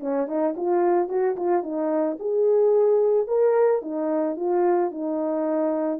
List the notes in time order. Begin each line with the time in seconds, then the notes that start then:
0.00 C#4
0.27 D#4
0.56 F4
1.08 F#4
1.36 F4
1.63 D#4
2.19 G#4
3.27 A#4
3.81 D#4
4.36 F4
4.91 D#4